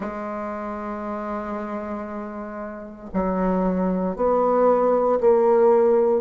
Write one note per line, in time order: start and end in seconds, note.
0.00 3.09 G#3
3.13 4.16 F#3
4.16 5.19 B3
5.20 6.21 A#3